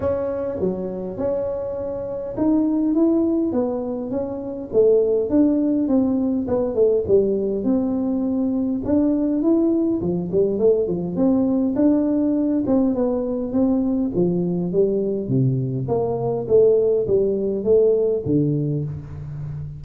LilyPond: \new Staff \with { instrumentName = "tuba" } { \time 4/4 \tempo 4 = 102 cis'4 fis4 cis'2 | dis'4 e'4 b4 cis'4 | a4 d'4 c'4 b8 a8 | g4 c'2 d'4 |
e'4 f8 g8 a8 f8 c'4 | d'4. c'8 b4 c'4 | f4 g4 c4 ais4 | a4 g4 a4 d4 | }